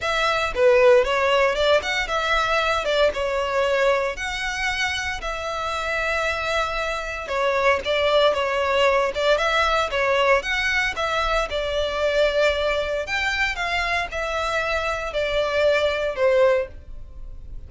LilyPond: \new Staff \with { instrumentName = "violin" } { \time 4/4 \tempo 4 = 115 e''4 b'4 cis''4 d''8 fis''8 | e''4. d''8 cis''2 | fis''2 e''2~ | e''2 cis''4 d''4 |
cis''4. d''8 e''4 cis''4 | fis''4 e''4 d''2~ | d''4 g''4 f''4 e''4~ | e''4 d''2 c''4 | }